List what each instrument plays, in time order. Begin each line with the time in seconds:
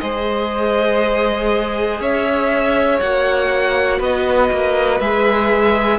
0.00 cello G#3, viola G#4, violin C5 D#5
2.00 cello C#4, violin C#5 E5
3.00 cello A#3, viola F#4, violin F#5
3.99 cello B3, violin B4 D#5
4.52 cello A#3
5.00 cello G#3, viola G#4, violin E5